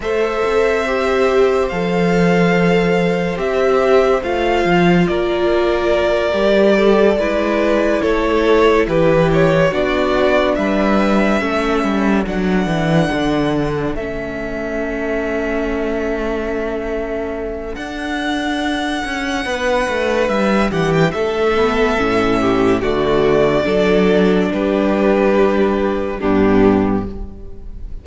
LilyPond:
<<
  \new Staff \with { instrumentName = "violin" } { \time 4/4 \tempo 4 = 71 e''2 f''2 | e''4 f''4 d''2~ | d''4. cis''4 b'8 cis''8 d''8~ | d''8 e''2 fis''4.~ |
fis''8 e''2.~ e''8~ | e''4 fis''2. | e''8 fis''16 g''16 e''2 d''4~ | d''4 b'2 g'4 | }
  \new Staff \with { instrumentName = "violin" } { \time 4/4 c''1~ | c''2 ais'2 | a'8 b'4 a'4 g'4 fis'8~ | fis'8 b'4 a'2~ a'8~ |
a'1~ | a'2. b'4~ | b'8 g'8 a'4. g'8 fis'4 | a'4 g'2 d'4 | }
  \new Staff \with { instrumentName = "viola" } { \time 4/4 a'4 g'4 a'2 | g'4 f'2~ f'8 g'8~ | g'8 e'2. d'8~ | d'4. cis'4 d'4.~ |
d'8 cis'2.~ cis'8~ | cis'4 d'2.~ | d'4. b8 cis'4 a4 | d'2. b4 | }
  \new Staff \with { instrumentName = "cello" } { \time 4/4 a8 c'4. f2 | c'4 a8 f8 ais4. g8~ | g8 gis4 a4 e4 b8~ | b8 g4 a8 g8 fis8 e8 d8~ |
d8 a2.~ a8~ | a4 d'4. cis'8 b8 a8 | g8 e8 a4 a,4 d4 | fis4 g2 g,4 | }
>>